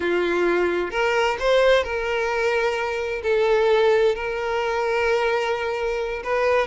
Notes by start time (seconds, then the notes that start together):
0.00 F4
0.90 A#4
1.39 C5
1.83 A#4
3.22 A4
4.15 A#4
6.23 B4